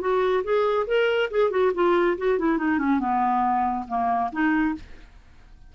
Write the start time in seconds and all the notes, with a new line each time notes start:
0.00 F#4
0.43 G#4
0.87 A#4
1.30 G#4
1.50 F#4
1.74 F4
2.17 F#4
2.38 E4
2.58 D#4
2.78 C#4
2.99 B3
3.87 A#3
4.32 D#4